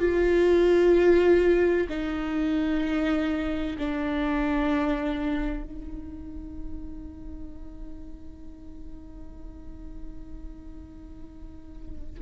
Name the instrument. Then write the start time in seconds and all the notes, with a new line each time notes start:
viola
0.00 F4
1.90 D#4
3.79 D4
5.64 D#4